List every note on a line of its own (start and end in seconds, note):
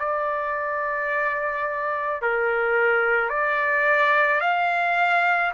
0.00 2.22 D5
2.22 3.30 A#4
3.30 4.41 D5
4.41 5.52 F5